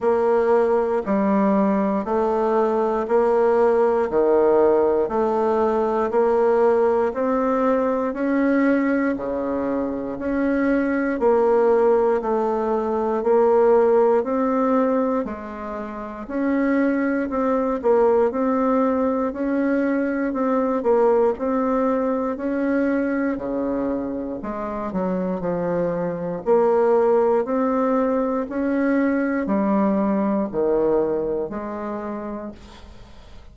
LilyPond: \new Staff \with { instrumentName = "bassoon" } { \time 4/4 \tempo 4 = 59 ais4 g4 a4 ais4 | dis4 a4 ais4 c'4 | cis'4 cis4 cis'4 ais4 | a4 ais4 c'4 gis4 |
cis'4 c'8 ais8 c'4 cis'4 | c'8 ais8 c'4 cis'4 cis4 | gis8 fis8 f4 ais4 c'4 | cis'4 g4 dis4 gis4 | }